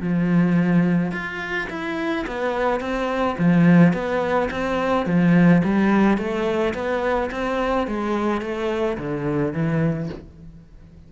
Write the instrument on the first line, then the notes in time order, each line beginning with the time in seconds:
cello
0.00 F3
1.11 F4
1.69 E4
2.27 B3
2.80 C4
3.38 F3
3.93 B3
4.51 C4
5.06 F3
5.64 G3
6.17 A3
6.74 B3
7.31 C4
7.87 G#3
8.41 A3
8.97 D3
9.53 E3